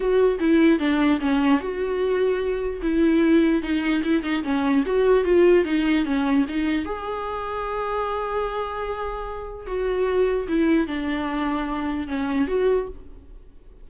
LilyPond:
\new Staff \with { instrumentName = "viola" } { \time 4/4 \tempo 4 = 149 fis'4 e'4 d'4 cis'4 | fis'2. e'4~ | e'4 dis'4 e'8 dis'8 cis'4 | fis'4 f'4 dis'4 cis'4 |
dis'4 gis'2.~ | gis'1 | fis'2 e'4 d'4~ | d'2 cis'4 fis'4 | }